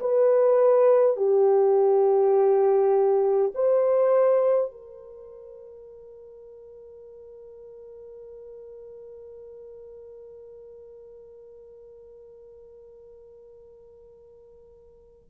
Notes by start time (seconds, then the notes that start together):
0.00 B4
1.17 G4
3.55 C5
4.72 A#4